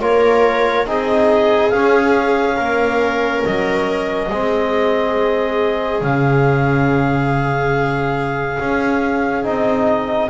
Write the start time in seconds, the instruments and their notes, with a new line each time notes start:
0.00 double bass A#3, trombone F4, viola A#4, clarinet C#5
0.86 double bass C4, trombone D#4, viola G#4, clarinet D#5
1.70 trombone C#4, double bass C#4, clarinet F5
2.56 double bass A#3, viola A#4
3.45 double bass F#3, clarinet D#5
4.28 double bass G#3, trombone C4, viola G#4
6.01 double bass C#3, trombone C#4, clarinet F5
8.59 double bass C#4
9.42 double bass C4, trombone D#4, clarinet D#5